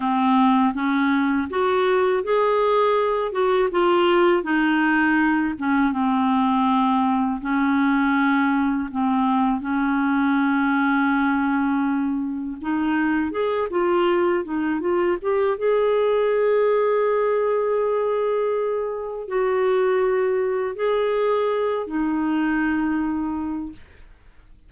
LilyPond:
\new Staff \with { instrumentName = "clarinet" } { \time 4/4 \tempo 4 = 81 c'4 cis'4 fis'4 gis'4~ | gis'8 fis'8 f'4 dis'4. cis'8 | c'2 cis'2 | c'4 cis'2.~ |
cis'4 dis'4 gis'8 f'4 dis'8 | f'8 g'8 gis'2.~ | gis'2 fis'2 | gis'4. dis'2~ dis'8 | }